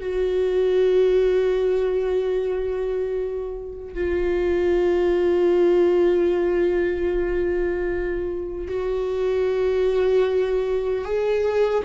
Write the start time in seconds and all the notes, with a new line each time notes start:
0.00 F#4
3.95 F4
8.68 F#4
11.05 G#4